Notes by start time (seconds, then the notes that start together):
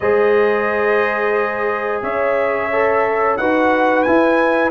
0.00 G#3 G#4 C5 D#5
2.02 C#4 C#5 E5
2.71 A4
3.36 D#4 F#4 B4 F#5
4.02 E4 G#5